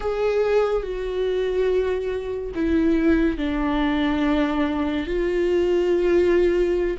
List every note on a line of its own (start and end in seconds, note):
0.00 0.83 G#4
0.83 2.52 F#4
2.54 3.37 E4
3.37 5.06 D4
5.07 6.97 F4